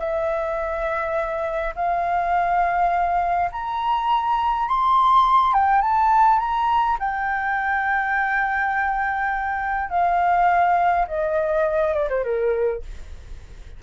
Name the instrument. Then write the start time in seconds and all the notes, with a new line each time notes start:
flute
0.00 E5
1.76 F5
3.52 A#5
4.68 C6
5.54 G5
5.82 A5
6.39 A#5
7.00 G5
9.90 F5
11.08 D#5
11.94 D5
12.10 C5
12.24 A#4